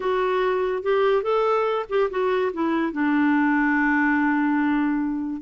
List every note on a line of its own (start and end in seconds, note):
0.00 0.82 F#4
0.82 1.23 G4
1.23 1.85 A4
1.89 2.09 G4
2.10 2.52 F#4
2.53 2.92 E4
2.92 5.41 D4